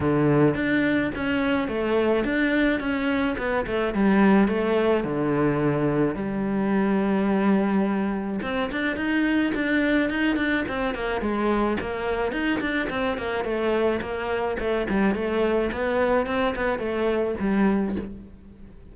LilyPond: \new Staff \with { instrumentName = "cello" } { \time 4/4 \tempo 4 = 107 d4 d'4 cis'4 a4 | d'4 cis'4 b8 a8 g4 | a4 d2 g4~ | g2. c'8 d'8 |
dis'4 d'4 dis'8 d'8 c'8 ais8 | gis4 ais4 dis'8 d'8 c'8 ais8 | a4 ais4 a8 g8 a4 | b4 c'8 b8 a4 g4 | }